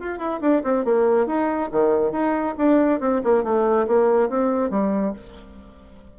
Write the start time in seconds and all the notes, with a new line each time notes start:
0.00 F4
0.19 E4
0.41 D4
0.64 C4
0.86 A#3
1.27 D#4
1.72 D#3
2.12 D#4
2.58 D4
3.00 C4
3.24 A#3
3.44 A3
3.88 A#3
4.30 C4
4.71 G3